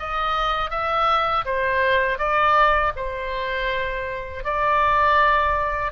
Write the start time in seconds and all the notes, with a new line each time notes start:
0.00 D#5
0.71 E5
1.46 C5
2.19 D5
2.97 C5
4.45 D5